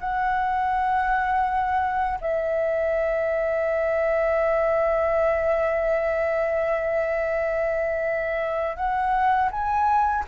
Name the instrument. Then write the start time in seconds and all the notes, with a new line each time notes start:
flute
0.00 F#5
2.21 E5
8.77 F#5
9.52 G#5